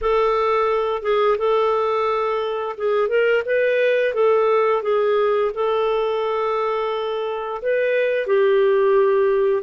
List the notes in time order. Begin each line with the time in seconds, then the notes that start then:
0.01 A4
1.02 G#4
1.38 A4
2.77 G#4
3.08 A#4
3.45 B4
4.13 A4
4.82 G#4
5.54 A4
7.62 B4
8.27 G4